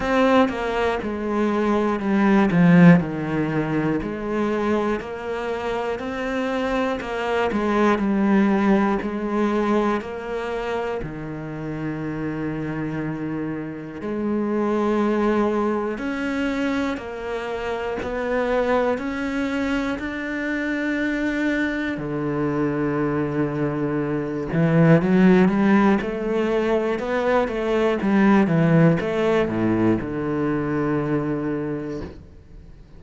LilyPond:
\new Staff \with { instrumentName = "cello" } { \time 4/4 \tempo 4 = 60 c'8 ais8 gis4 g8 f8 dis4 | gis4 ais4 c'4 ais8 gis8 | g4 gis4 ais4 dis4~ | dis2 gis2 |
cis'4 ais4 b4 cis'4 | d'2 d2~ | d8 e8 fis8 g8 a4 b8 a8 | g8 e8 a8 a,8 d2 | }